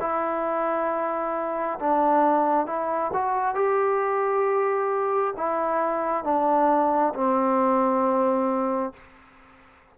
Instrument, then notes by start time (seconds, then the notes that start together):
trombone
0.00 E4
1.80 D4
2.67 E4
3.13 F#4
3.55 G4
5.37 E4
6.24 D4
7.14 C4